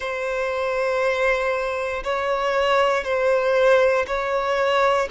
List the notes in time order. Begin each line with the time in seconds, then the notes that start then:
0.00 C5
2.03 C#5
3.04 C5
4.06 C#5